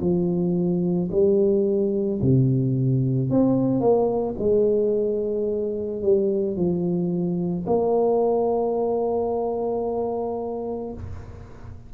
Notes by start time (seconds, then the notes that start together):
0.00 F3
1.11 G3
2.21 C3
3.30 C4
3.80 A#3
4.38 G#3
6.02 G3
6.56 F3
7.66 A#3